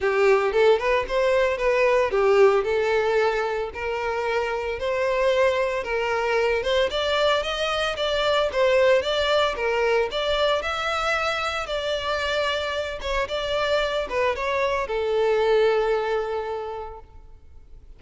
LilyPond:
\new Staff \with { instrumentName = "violin" } { \time 4/4 \tempo 4 = 113 g'4 a'8 b'8 c''4 b'4 | g'4 a'2 ais'4~ | ais'4 c''2 ais'4~ | ais'8 c''8 d''4 dis''4 d''4 |
c''4 d''4 ais'4 d''4 | e''2 d''2~ | d''8 cis''8 d''4. b'8 cis''4 | a'1 | }